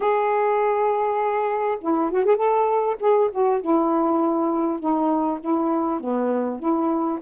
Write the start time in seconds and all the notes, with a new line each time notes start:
0.00 G#4
1.80 E4
2.11 F#4
2.25 G#4
2.36 A4
3.00 G#4
3.31 F#4
3.61 E4
4.79 D#4
5.40 E4
6.00 B3
6.59 E4